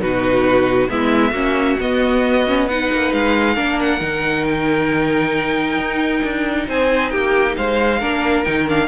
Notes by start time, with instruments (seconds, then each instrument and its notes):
0.00 cello B2, viola D#4, violin F#4 B4
0.89 cello G#3, viola B3, violin E4 E5
1.31 cello A#3, viola C#4, violin F#4
1.80 cello B3, viola B3, violin D#5
2.47 viola C#4
2.67 viola D#4, violin B4 F#5
2.92 cello A#3
3.13 cello G#3, violin F5
3.55 cello A#3, viola D4, violin A#4
3.81 violin F#5
4.00 cello D#3, viola D#4
4.45 violin G5
5.78 cello D#4
6.23 cello D4
6.68 cello C4, violin C5 G#5
7.10 cello A#3, violin G4 G5
7.57 cello G#3, violin C5 F5
7.99 cello A#3, viola D4, violin A#4
8.45 cello D#3, viola D#4, violin G5
8.68 viola D4, violin F5